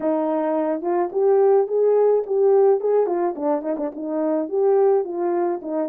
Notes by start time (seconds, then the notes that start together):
0.00 D#4
0.81 F4
1.12 G4
1.67 G#4
2.26 G4
2.80 G#4
3.06 F4
3.35 D4
3.62 D#4
3.77 D4
3.94 D#4
4.48 G4
5.04 F4
5.62 D#4